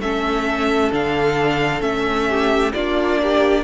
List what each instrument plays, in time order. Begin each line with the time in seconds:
0.00 cello A3, viola C#4, violin A4 E5
0.92 cello D3, viola D4, violin F5
1.81 cello A3, viola C#4, violin E5
2.29 violin G4
2.74 cello A#3, viola D4, violin F4 D5
3.23 violin G4